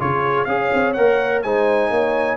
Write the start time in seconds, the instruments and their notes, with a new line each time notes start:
0.00 tuba C#3, trombone F4, horn G#4, trumpet C#5
0.45 tuba C#4, trombone G#4, horn C#5, trumpet F5
0.74 tuba C4
0.94 tuba A#3, trombone A#4, trumpet F#5
1.43 tuba G#3, trombone D#4, horn C5, trumpet G#5
1.90 tuba A#3, horn C#5